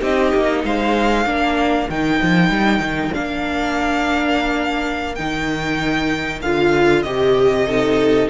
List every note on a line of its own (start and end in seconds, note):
0.00 0.32 C4
0.00 1.25 D#4
0.00 0.63 G4
0.00 0.65 D#5
0.35 0.64 A#3
0.64 1.26 G#3
0.64 1.28 C5
0.64 1.90 F5
1.26 1.88 A#3
1.26 1.88 D4
1.26 7.67 A#4
1.89 2.21 D#3
1.89 3.13 D#4
1.89 3.14 G5
2.22 2.50 F3
2.50 2.79 G3
2.79 3.11 D#3
3.13 5.19 A#3
3.13 5.16 D4
3.13 5.15 F5
5.15 6.42 D#3
5.15 6.43 D#4
5.15 6.40 G5
6.42 7.04 D3
6.42 7.05 F4
6.42 7.02 F5
7.02 8.30 C3
7.02 7.67 G4
7.02 8.27 D#5
7.67 8.30 D#4
7.67 8.29 A4